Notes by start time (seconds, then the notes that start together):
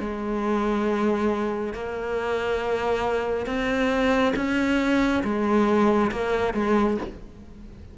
0.00 G#3
1.74 A#3
3.46 C4
4.36 C#4
5.24 G#3
6.11 A#3
6.54 G#3